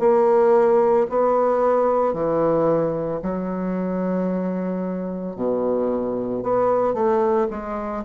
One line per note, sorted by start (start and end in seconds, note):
0.00 1.07 A#3
1.10 2.14 B3
2.14 3.21 E3
3.23 5.36 F#3
5.36 6.43 B2
6.43 6.94 B3
6.94 7.48 A3
7.50 8.04 G#3